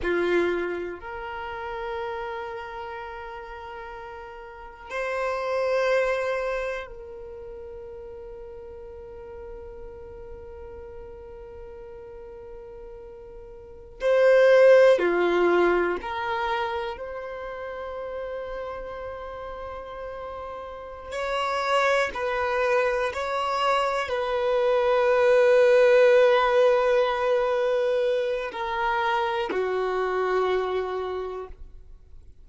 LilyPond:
\new Staff \with { instrumentName = "violin" } { \time 4/4 \tempo 4 = 61 f'4 ais'2.~ | ais'4 c''2 ais'4~ | ais'1~ | ais'2~ ais'16 c''4 f'8.~ |
f'16 ais'4 c''2~ c''8.~ | c''4. cis''4 b'4 cis''8~ | cis''8 b'2.~ b'8~ | b'4 ais'4 fis'2 | }